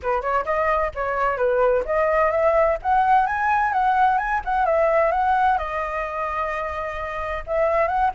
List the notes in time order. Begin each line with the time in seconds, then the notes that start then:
0.02 B4
0.21 C#5
0.45 D#5
0.94 C#5
1.37 B4
1.85 D#5
2.31 E5
2.82 F#5
3.26 G#5
3.72 F#5
4.17 G#5
4.45 F#5
4.65 E5
5.11 F#5
5.58 D#5
7.46 E5
7.87 F#5